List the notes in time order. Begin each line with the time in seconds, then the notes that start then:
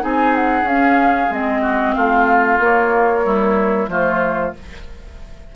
0.00 C4 D#4 G#4 G#5
0.36 F#5
0.63 C#4 F5
0.71 C#4
1.31 G#3 C4 D#5
1.62 F#4
1.94 A3 F4 F5
2.60 A#3 C#5
3.23 G3 E4
3.88 F3 A3 F4 C5